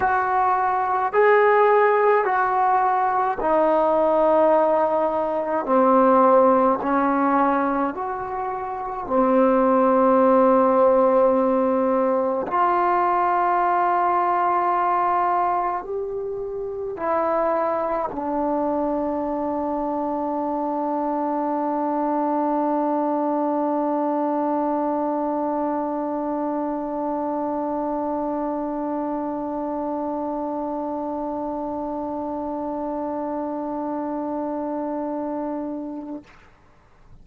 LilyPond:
\new Staff \with { instrumentName = "trombone" } { \time 4/4 \tempo 4 = 53 fis'4 gis'4 fis'4 dis'4~ | dis'4 c'4 cis'4 fis'4 | c'2. f'4~ | f'2 g'4 e'4 |
d'1~ | d'1~ | d'1~ | d'1 | }